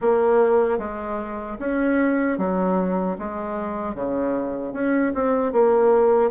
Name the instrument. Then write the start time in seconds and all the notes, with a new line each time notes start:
bassoon
0.01 A#3
0.78 G#3
1.59 C#4
2.38 F#3
3.18 G#3
3.94 C#3
4.73 C#4
5.14 C4
5.52 A#3